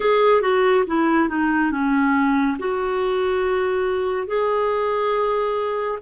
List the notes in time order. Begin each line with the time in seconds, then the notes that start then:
0.00 G#4
0.41 F#4
0.86 E4
1.29 D#4
1.71 C#4
2.58 F#4
4.27 G#4